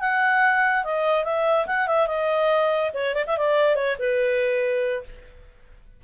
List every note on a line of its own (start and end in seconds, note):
0.00 0.84 F#5
0.84 1.24 D#5
1.24 1.66 E5
1.66 1.87 F#5
1.87 2.07 E5
2.07 2.91 D#5
2.93 3.14 C#5
3.14 3.24 D5
3.27 3.37 E5
3.37 3.75 D5
3.75 3.96 C#5
3.99 5.03 B4